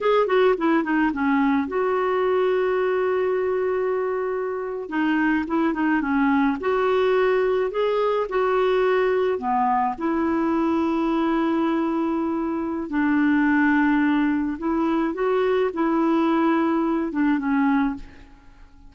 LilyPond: \new Staff \with { instrumentName = "clarinet" } { \time 4/4 \tempo 4 = 107 gis'8 fis'8 e'8 dis'8 cis'4 fis'4~ | fis'1~ | fis'8. dis'4 e'8 dis'8 cis'4 fis'16~ | fis'4.~ fis'16 gis'4 fis'4~ fis'16~ |
fis'8. b4 e'2~ e'16~ | e'2. d'4~ | d'2 e'4 fis'4 | e'2~ e'8 d'8 cis'4 | }